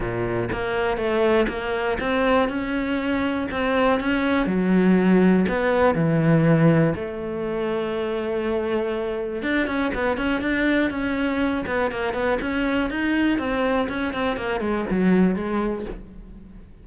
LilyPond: \new Staff \with { instrumentName = "cello" } { \time 4/4 \tempo 4 = 121 ais,4 ais4 a4 ais4 | c'4 cis'2 c'4 | cis'4 fis2 b4 | e2 a2~ |
a2. d'8 cis'8 | b8 cis'8 d'4 cis'4. b8 | ais8 b8 cis'4 dis'4 c'4 | cis'8 c'8 ais8 gis8 fis4 gis4 | }